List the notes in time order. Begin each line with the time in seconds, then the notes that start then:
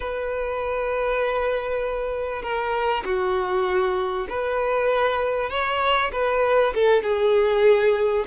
0.00 B4
2.42 A#4
3.04 F#4
4.29 B4
5.50 C#5
6.12 B4
6.74 A4
7.02 G#4